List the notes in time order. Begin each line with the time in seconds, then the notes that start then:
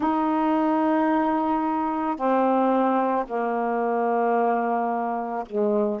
0.00 D#4
2.16 C4
3.26 A#3
5.45 G#3